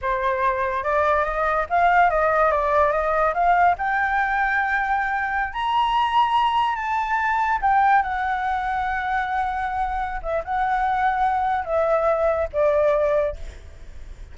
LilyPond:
\new Staff \with { instrumentName = "flute" } { \time 4/4 \tempo 4 = 144 c''2 d''4 dis''4 | f''4 dis''4 d''4 dis''4 | f''4 g''2.~ | g''4~ g''16 ais''2~ ais''8.~ |
ais''16 a''2 g''4 fis''8.~ | fis''1~ | fis''8 e''8 fis''2. | e''2 d''2 | }